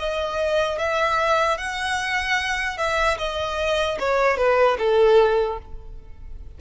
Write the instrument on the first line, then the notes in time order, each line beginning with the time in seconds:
violin
0.00 D#5
0.79 E5
1.58 F#5
2.78 E5
3.19 D#5
4.00 C#5
4.38 B4
4.79 A4